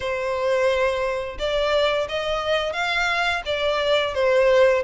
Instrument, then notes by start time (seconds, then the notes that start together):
violin
0.00 C5
1.38 D5
2.08 D#5
2.72 F5
3.45 D5
4.14 C5